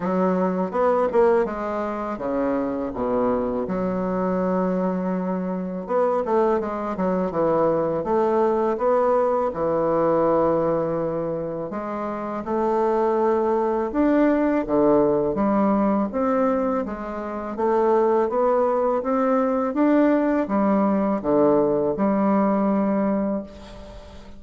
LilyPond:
\new Staff \with { instrumentName = "bassoon" } { \time 4/4 \tempo 4 = 82 fis4 b8 ais8 gis4 cis4 | b,4 fis2. | b8 a8 gis8 fis8 e4 a4 | b4 e2. |
gis4 a2 d'4 | d4 g4 c'4 gis4 | a4 b4 c'4 d'4 | g4 d4 g2 | }